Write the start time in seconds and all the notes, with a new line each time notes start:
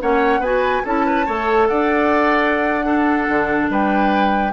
0.00 A#3 C#4 C#5 F#5
0.39 B3 F#4 B4 G#5
0.84 C#4 E4 A4 A5
1.06 B4
1.25 A3 A4 C#5
1.68 D4 D5 F#5
2.83 D4 A4
3.29 D3
3.69 G3 B4 G5